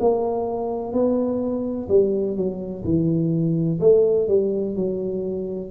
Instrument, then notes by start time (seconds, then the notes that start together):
tuba
0.00 A#3
0.93 B3
1.89 G3
2.37 F#3
2.84 E3
3.81 A3
4.28 G3
4.76 F#3